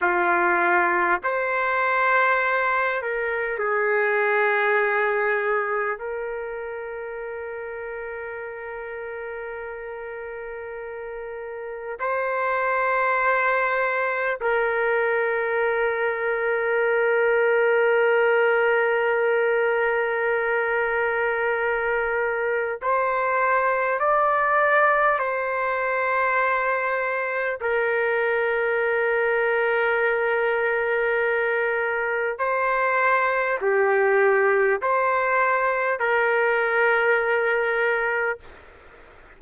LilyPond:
\new Staff \with { instrumentName = "trumpet" } { \time 4/4 \tempo 4 = 50 f'4 c''4. ais'8 gis'4~ | gis'4 ais'2.~ | ais'2 c''2 | ais'1~ |
ais'2. c''4 | d''4 c''2 ais'4~ | ais'2. c''4 | g'4 c''4 ais'2 | }